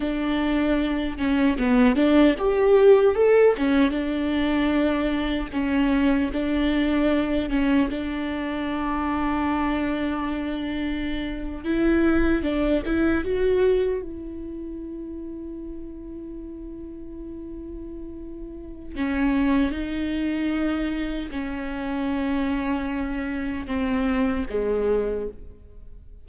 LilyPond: \new Staff \with { instrumentName = "viola" } { \time 4/4 \tempo 4 = 76 d'4. cis'8 b8 d'8 g'4 | a'8 cis'8 d'2 cis'4 | d'4. cis'8 d'2~ | d'2~ d'8. e'4 d'16~ |
d'16 e'8 fis'4 e'2~ e'16~ | e'1 | cis'4 dis'2 cis'4~ | cis'2 c'4 gis4 | }